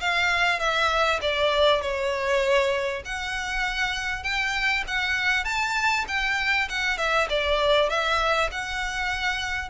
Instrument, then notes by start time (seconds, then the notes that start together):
violin
0.00 F5
0.59 E5
1.21 D5
1.81 C#5
3.05 F#5
4.23 G5
4.87 F#5
5.44 A5
6.08 G5
6.69 F#5
6.98 E5
7.29 D5
7.89 E5
8.51 F#5